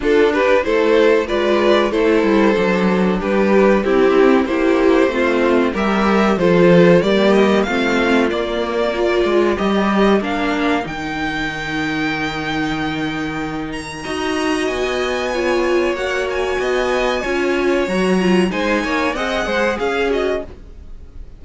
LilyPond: <<
  \new Staff \with { instrumentName = "violin" } { \time 4/4 \tempo 4 = 94 a'8 b'8 c''4 d''4 c''4~ | c''4 b'4 g'4 c''4~ | c''4 e''4 c''4 d''8 dis''8 | f''4 d''2 dis''4 |
f''4 g''2.~ | g''4. ais''4. gis''4~ | gis''4 fis''8 gis''2~ gis''8 | ais''4 gis''4 fis''4 f''8 dis''8 | }
  \new Staff \with { instrumentName = "violin" } { \time 4/4 f'8 g'8 a'4 b'4 a'4~ | a'4 g'4 e'4 g'4 | f'4 ais'4 a'4 g'4 | f'2 ais'2~ |
ais'1~ | ais'2 dis''2 | cis''2 dis''4 cis''4~ | cis''4 c''8 cis''8 dis''8 c''8 gis'4 | }
  \new Staff \with { instrumentName = "viola" } { \time 4/4 d'4 e'4 f'4 e'4 | d'2 c'4 e'4 | c'4 g'4 f'4 ais4 | c'4 ais4 f'4 g'4 |
d'4 dis'2.~ | dis'2 fis'2 | f'4 fis'2 f'4 | fis'8 f'8 dis'4 gis'4. fis'8 | }
  \new Staff \with { instrumentName = "cello" } { \time 4/4 d'4 a4 gis4 a8 g8 | fis4 g4 c'4 ais4 | a4 g4 f4 g4 | a4 ais4. gis8 g4 |
ais4 dis2.~ | dis2 dis'4 b4~ | b4 ais4 b4 cis'4 | fis4 gis8 ais8 c'8 gis8 cis'4 | }
>>